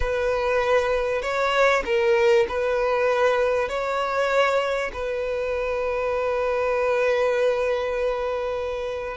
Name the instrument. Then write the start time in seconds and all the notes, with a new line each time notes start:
violin
0.00 B4
1.22 C#5
1.85 A#4
2.48 B4
3.68 C#5
4.93 B4